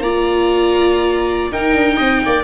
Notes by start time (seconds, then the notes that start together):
0.00 A#3 F4 D5 A#5
1.51 D#4 A#4 G5
1.74 D4
1.97 C4 D#5
2.26 A#3 D5